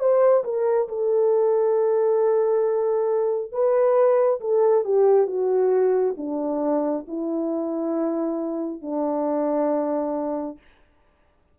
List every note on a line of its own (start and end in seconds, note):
0.00 0.44 C5
0.45 0.89 A#4
0.89 3.53 A4
3.53 4.41 B4
4.41 4.85 A4
4.85 5.27 G4
5.27 6.16 F#4
6.18 7.06 D4
7.08 8.82 E4
8.82 10.58 D4